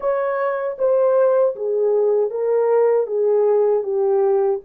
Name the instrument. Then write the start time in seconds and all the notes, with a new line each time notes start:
horn
0.00 C#5
0.78 C5
1.55 G#4
2.30 A#4
3.06 G#4
3.83 G4